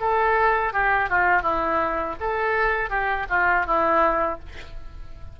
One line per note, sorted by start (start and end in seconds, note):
0.00 0.73 A4
0.73 1.09 G4
1.09 1.42 F4
1.42 2.15 E4
2.20 2.89 A4
2.89 3.26 G4
3.29 3.66 F4
3.66 4.39 E4